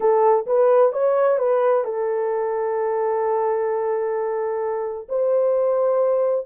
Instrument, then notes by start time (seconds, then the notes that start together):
horn
0.00 A4
0.46 B4
0.92 C#5
1.38 B4
1.84 A4
5.09 C5